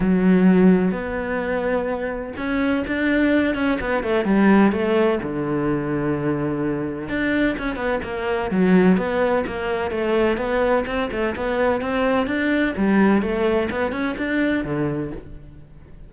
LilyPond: \new Staff \with { instrumentName = "cello" } { \time 4/4 \tempo 4 = 127 fis2 b2~ | b4 cis'4 d'4. cis'8 | b8 a8 g4 a4 d4~ | d2. d'4 |
cis'8 b8 ais4 fis4 b4 | ais4 a4 b4 c'8 a8 | b4 c'4 d'4 g4 | a4 b8 cis'8 d'4 d4 | }